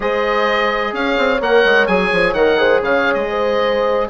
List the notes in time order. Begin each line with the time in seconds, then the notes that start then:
0.00 G#3 G#4 C5 D#5
0.93 C#4 C#5 F5
1.17 C4
1.40 A#3 A#4 F#5
1.64 G#3
1.86 F#3 G#4 G#5
2.12 F3
2.33 D#3 A#4 F#5
2.58 G#4 C5
2.81 C#3 C#5 F5
3.14 G#3 D#5
3.29 C5